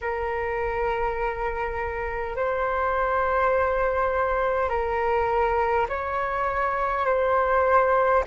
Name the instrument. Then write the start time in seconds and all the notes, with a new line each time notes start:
flute
0.01 A#4
2.36 C5
4.68 A#4
5.88 C#5
7.05 C5